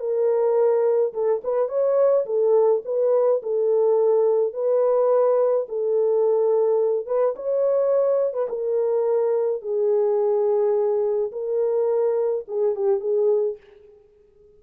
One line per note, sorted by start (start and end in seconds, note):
0.00 1.13 A#4
1.14 1.42 A4
1.44 1.69 B4
1.69 2.26 C#5
2.26 2.83 A4
2.85 3.42 B4
3.43 4.54 A4
4.54 5.67 B4
5.69 7.07 A4
7.07 7.35 B4
7.36 8.34 C#5
8.34 8.48 B4
8.50 9.62 A#4
9.62 11.32 G#4
11.32 12.46 A#4
12.48 12.76 G#4
12.76 13.01 G4
13.01 13.57 G#4